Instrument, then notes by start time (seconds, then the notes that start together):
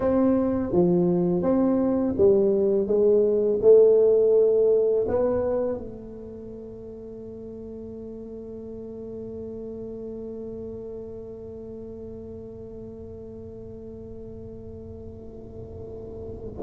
tuba
0.00 C4
0.72 F3
1.42 C4
2.17 G3
2.87 G#3
3.61 A3
5.08 B3
5.77 A3